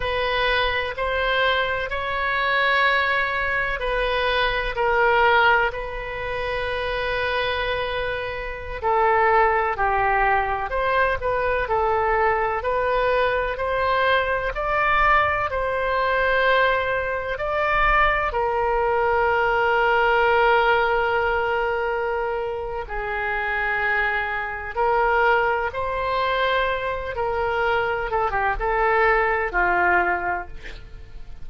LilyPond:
\new Staff \with { instrumentName = "oboe" } { \time 4/4 \tempo 4 = 63 b'4 c''4 cis''2 | b'4 ais'4 b'2~ | b'4~ b'16 a'4 g'4 c''8 b'16~ | b'16 a'4 b'4 c''4 d''8.~ |
d''16 c''2 d''4 ais'8.~ | ais'1 | gis'2 ais'4 c''4~ | c''8 ais'4 a'16 g'16 a'4 f'4 | }